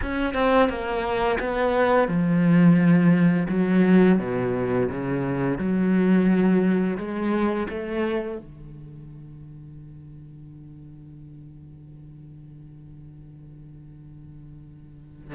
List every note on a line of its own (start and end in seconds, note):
0.01 0.34 C#4
0.34 0.68 C4
0.68 1.38 A#3
1.39 2.07 B3
2.07 3.47 F3
3.49 4.18 F#3
4.19 4.88 B2
4.90 5.58 C#3
5.58 6.97 F#3
6.97 7.67 G#3
7.69 8.38 A3
8.38 15.35 D3